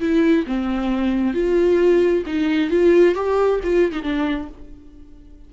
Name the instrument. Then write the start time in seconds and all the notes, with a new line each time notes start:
viola
0.00 E4
0.47 C4
1.34 F4
2.26 D#4
2.70 F4
3.15 G4
3.64 F4
3.92 D#4
4.03 D4